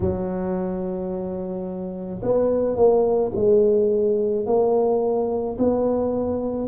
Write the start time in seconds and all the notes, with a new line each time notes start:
0.00 F#3
2.22 B3
2.75 A#3
3.35 G#3
4.45 A#3
5.58 B3